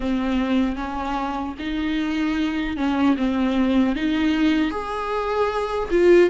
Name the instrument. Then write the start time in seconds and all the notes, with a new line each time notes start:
viola
0.00 C4
0.75 C#4
1.58 D#4
2.76 C#4
3.17 C4
3.95 D#4
4.70 G#4
5.90 F4